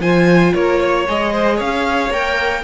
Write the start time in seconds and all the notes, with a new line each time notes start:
0.00 F3 F4 C5 G#5
0.54 A#3 A#4 C#5
0.81 C#5
1.08 G#3 G#4 D#5
1.33 C5
1.56 C#4 C#5 F5
2.11 A#3 A#4 G5